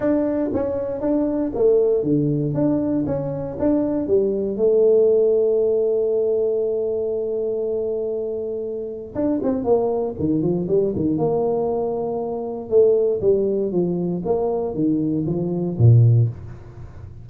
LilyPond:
\new Staff \with { instrumentName = "tuba" } { \time 4/4 \tempo 4 = 118 d'4 cis'4 d'4 a4 | d4 d'4 cis'4 d'4 | g4 a2.~ | a1~ |
a2 d'8 c'8 ais4 | dis8 f8 g8 dis8 ais2~ | ais4 a4 g4 f4 | ais4 dis4 f4 ais,4 | }